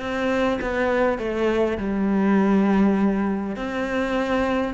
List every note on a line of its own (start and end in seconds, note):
0.00 0.59 C4
0.61 1.19 B3
1.19 1.78 A3
1.78 3.56 G3
3.56 4.74 C4